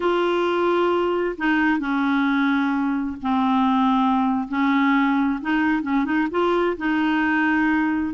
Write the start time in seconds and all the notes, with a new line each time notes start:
0.00 F4
1.37 D#4
1.79 C#4
3.21 C4
4.48 C#4
5.41 D#4
5.82 C#4
6.04 D#4
6.31 F4
6.77 D#4